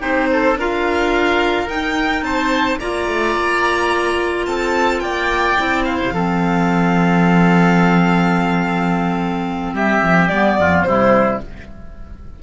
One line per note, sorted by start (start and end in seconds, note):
0.00 0.56 C4
0.00 0.56 D#4
0.00 0.28 G4
0.00 0.58 C5
0.33 0.59 A4
0.56 1.68 D4
0.56 1.68 F4
0.56 2.26 A#4
0.56 1.69 F5
1.68 2.23 D#4
1.68 2.79 D#4
1.68 2.24 G5
2.23 2.78 C4
2.23 2.80 C5
2.23 2.79 A5
2.80 3.08 A#3
2.80 5.57 F4
2.80 4.47 D5
2.80 4.46 A#5
3.08 3.36 A3
3.36 4.48 A#3
4.46 5.02 C4
4.46 5.03 A4
4.46 5.00 A5
5.00 5.58 A#3
5.00 5.86 D5
5.00 5.84 G5
5.57 6.02 C4
5.57 6.13 E4
5.85 6.14 C5
5.85 9.74 F5
6.03 6.12 C3
6.12 9.73 F3
6.12 10.32 C4
6.12 9.75 A4
9.74 10.02 G3
9.74 10.58 G4
9.74 10.28 E5
10.03 10.31 F3
10.28 10.59 G3
10.28 10.86 B3
10.28 10.83 D5
10.59 10.84 F2
10.59 10.87 F4
10.83 11.40 C3
10.83 11.42 G3
10.83 11.43 E4
10.83 11.39 C5